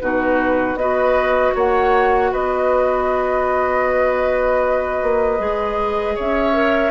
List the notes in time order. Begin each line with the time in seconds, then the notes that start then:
0.00 B2 D#4 F#4 B4
0.75 B3 F#4 B4 D#5
1.55 A#3 C#5 F#5
2.31 B3 B4 D#5
5.02 A#3
5.38 G#3 G#4
6.15 C#4 C#5 E5
6.53 A#4